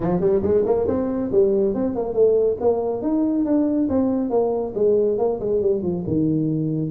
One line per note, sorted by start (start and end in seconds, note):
0.00 0.20 F3
0.20 0.42 G3
0.42 0.64 G#3
0.65 0.87 A#3
0.87 1.30 C4
1.31 1.74 G3
1.74 1.95 C4
1.95 2.13 A#3
2.13 2.56 A3
2.60 3.02 A#3
3.02 3.45 D#4
3.45 3.88 D4
3.89 4.30 C4
4.30 4.73 A#3
4.74 5.18 G#3
5.18 5.39 A#3
5.40 5.61 G#3
5.61 5.82 G3
5.82 6.04 F3
6.06 6.91 D#3